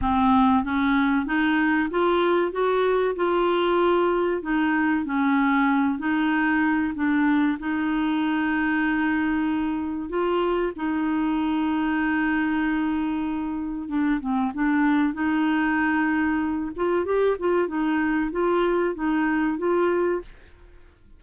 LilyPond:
\new Staff \with { instrumentName = "clarinet" } { \time 4/4 \tempo 4 = 95 c'4 cis'4 dis'4 f'4 | fis'4 f'2 dis'4 | cis'4. dis'4. d'4 | dis'1 |
f'4 dis'2.~ | dis'2 d'8 c'8 d'4 | dis'2~ dis'8 f'8 g'8 f'8 | dis'4 f'4 dis'4 f'4 | }